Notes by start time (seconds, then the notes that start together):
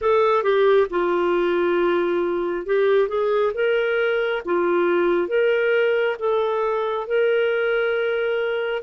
0.01 A4
0.43 G4
0.90 F4
2.66 G4
3.08 G#4
3.54 A#4
4.45 F4
5.28 A#4
6.19 A4
7.07 A#4